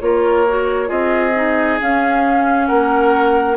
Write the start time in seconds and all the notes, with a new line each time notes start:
0.00 A#3 F4 A#4 C#5
0.49 F#4
0.87 C4 F4 G#4 D#5
1.35 D#4
1.81 C#4 F5
2.67 A#3 A#4 F#5